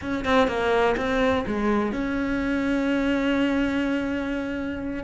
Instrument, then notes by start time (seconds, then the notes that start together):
cello
0.01 C#4
0.24 C4
0.47 A#3
0.96 C4
1.46 G#3
1.92 C#4